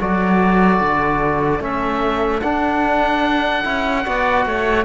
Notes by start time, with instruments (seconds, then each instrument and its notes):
0.00 cello F#3, trombone F#4, oboe A4 D5
0.80 cello D3
1.60 cello A3, trombone C#4, oboe E5
2.41 trombone D4, cello D4, oboe F#5
3.64 cello C#4, trombone E4
4.04 cello B3, trombone F#4, oboe D5
4.46 cello A3, oboe C#5